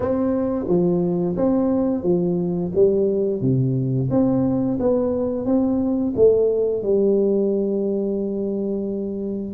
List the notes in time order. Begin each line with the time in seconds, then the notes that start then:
0.00 C4
0.68 F3
1.36 C4
2.03 F3
2.75 G3
3.41 C3
4.10 C4
4.79 B3
5.45 C4
6.16 A3
6.82 G3